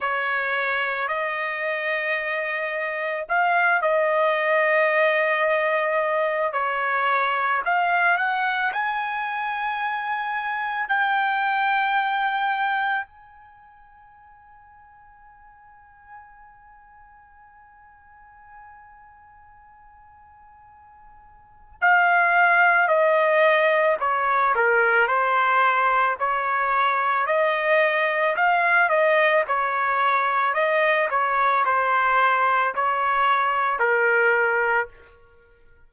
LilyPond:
\new Staff \with { instrumentName = "trumpet" } { \time 4/4 \tempo 4 = 55 cis''4 dis''2 f''8 dis''8~ | dis''2 cis''4 f''8 fis''8 | gis''2 g''2 | gis''1~ |
gis''1 | f''4 dis''4 cis''8 ais'8 c''4 | cis''4 dis''4 f''8 dis''8 cis''4 | dis''8 cis''8 c''4 cis''4 ais'4 | }